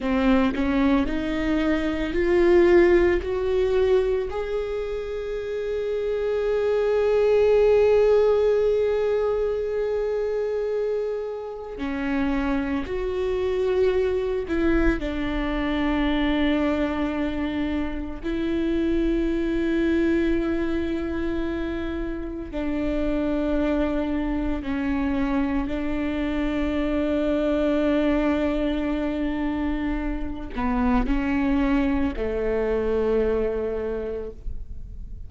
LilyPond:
\new Staff \with { instrumentName = "viola" } { \time 4/4 \tempo 4 = 56 c'8 cis'8 dis'4 f'4 fis'4 | gis'1~ | gis'2. cis'4 | fis'4. e'8 d'2~ |
d'4 e'2.~ | e'4 d'2 cis'4 | d'1~ | d'8 b8 cis'4 a2 | }